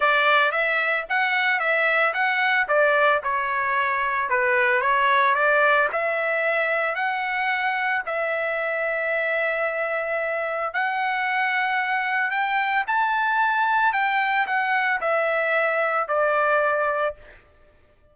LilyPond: \new Staff \with { instrumentName = "trumpet" } { \time 4/4 \tempo 4 = 112 d''4 e''4 fis''4 e''4 | fis''4 d''4 cis''2 | b'4 cis''4 d''4 e''4~ | e''4 fis''2 e''4~ |
e''1 | fis''2. g''4 | a''2 g''4 fis''4 | e''2 d''2 | }